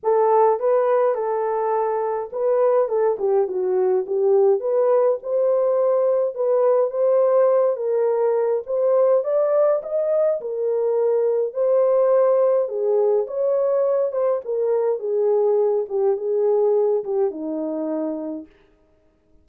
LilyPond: \new Staff \with { instrumentName = "horn" } { \time 4/4 \tempo 4 = 104 a'4 b'4 a'2 | b'4 a'8 g'8 fis'4 g'4 | b'4 c''2 b'4 | c''4. ais'4. c''4 |
d''4 dis''4 ais'2 | c''2 gis'4 cis''4~ | cis''8 c''8 ais'4 gis'4. g'8 | gis'4. g'8 dis'2 | }